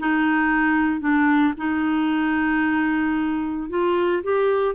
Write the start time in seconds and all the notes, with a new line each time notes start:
0.00 D#4
1.01 D4
1.57 D#4
3.70 F4
4.24 G4